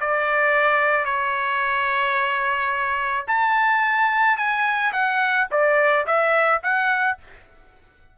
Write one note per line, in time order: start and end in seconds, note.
0.00 1.05 D5
1.05 3.25 C#5
3.28 4.37 A5
4.37 4.92 G#5
4.93 5.48 F#5
5.51 6.06 D5
6.07 6.62 E5
6.63 7.18 F#5